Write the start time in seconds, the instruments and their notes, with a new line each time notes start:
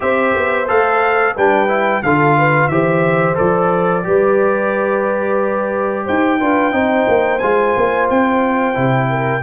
0.00 tuba C4, trombone G4, horn C5, trumpet E5
0.35 tuba B3
0.67 tuba A3, trombone A4, trumpet F5
1.34 tuba G3, trombone D4, horn B4, trumpet G5
1.68 trombone E4
2.02 tuba D3, trombone F4, horn A4, trumpet F5
2.37 horn B4
2.68 tuba E3, trombone G4, horn C5, trumpet E5
3.34 tuba F3, trombone A4, trumpet D5
4.03 tuba G3, trombone G4, horn B4
6.05 tuba D#4, horn C5, trumpet G5
6.40 tuba D4, trombone F4, horn B4
6.71 tuba C4, trombone D#4, horn C5
7.08 tuba A#3
7.38 tuba G#3, trombone F4, trumpet G#5
7.76 tuba A#3
8.10 tuba C4, trumpet G5
8.73 tuba C3, trombone E4
9.09 horn A#4